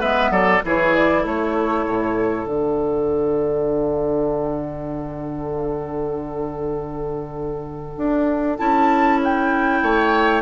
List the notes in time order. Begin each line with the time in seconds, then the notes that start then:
0.00 G#3 B3 B4 E5
0.30 F#3 A4 D5
0.65 E3 E4 G#4 C#5
0.95 D5
1.22 A3 A4 C#5
1.86 A2
2.46 D3 D4 F#5
7.97 D4
8.58 C#4 E4 A5
9.24 G5
9.82 A3 C#5